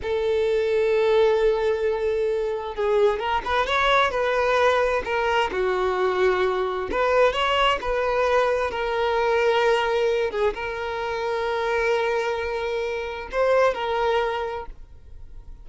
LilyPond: \new Staff \with { instrumentName = "violin" } { \time 4/4 \tempo 4 = 131 a'1~ | a'2 gis'4 ais'8 b'8 | cis''4 b'2 ais'4 | fis'2. b'4 |
cis''4 b'2 ais'4~ | ais'2~ ais'8 gis'8 ais'4~ | ais'1~ | ais'4 c''4 ais'2 | }